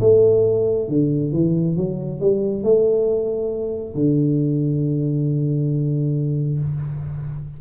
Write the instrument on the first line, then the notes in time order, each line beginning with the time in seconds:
tuba
0.00 A3
0.88 D3
1.32 E3
1.76 F#3
2.20 G3
2.63 A3
3.95 D3